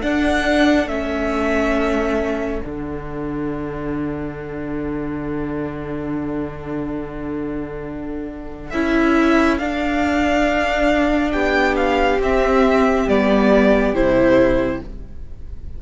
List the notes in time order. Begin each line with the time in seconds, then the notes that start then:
0.00 D4 A4 F#5
0.87 A3 C#4 E5
2.62 D3 D4 F#5
8.70 C#4 E4 E5
9.57 D4 F5
11.32 B3 G4 G5
11.76 F5
12.19 C4 E5
13.07 G3 B3 D5
13.93 C3 E4 C5